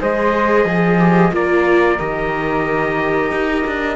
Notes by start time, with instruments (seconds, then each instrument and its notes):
0.00 cello G#3, viola G#4, flute C5, trumpet D#5
0.65 cello F3, flute G#4
1.00 viola G4
1.32 cello A#3, viola F4, flute A#4, trumpet D5
1.99 cello D#3, viola G4, trumpet D#5
3.31 cello D#4
3.67 cello D4